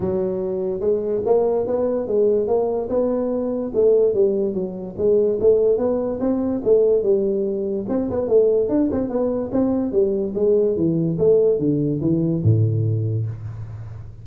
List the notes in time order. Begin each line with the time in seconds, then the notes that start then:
0.00 F#3
0.80 G#3
1.25 A#3
1.67 B3
2.07 G#3
2.47 A#3
2.89 B3
3.74 A3
4.14 G3
4.53 F#3
4.97 G#3
5.40 A3
5.77 B3
6.20 C4
6.63 A3
7.03 G3
7.88 C4
8.10 B3
8.28 A3
8.68 D4
8.91 C4
9.09 B3
9.52 C4
9.92 G3
10.34 G#3
10.76 E3
11.18 A3
11.58 D3
12.01 E3
12.43 A2